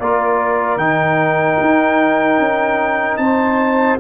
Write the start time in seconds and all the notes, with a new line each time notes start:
0.00 A#3 F4 A#4 D5
0.77 D#3 D#4 G5
1.61 D#4
2.39 C#4
3.17 C4 C5 A5